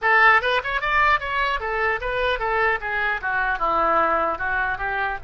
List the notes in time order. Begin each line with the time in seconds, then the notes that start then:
0.01 A4
0.41 B4
0.63 C#5
0.81 D5
1.20 C#5
1.60 A4
2.00 B4
2.39 A4
2.80 G#4
3.21 F#4
3.58 E4
4.38 F#4
4.78 G4